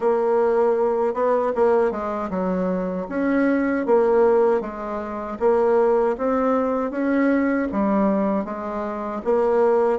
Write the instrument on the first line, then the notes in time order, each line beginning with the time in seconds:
bassoon
0.00 A#3
1.14 B3
1.55 A#3
1.91 G#3
2.30 F#3
3.08 C#4
3.85 A#3
4.60 G#3
5.39 A#3
6.17 C4
6.91 C#4
7.72 G3
8.44 G#3
9.24 A#3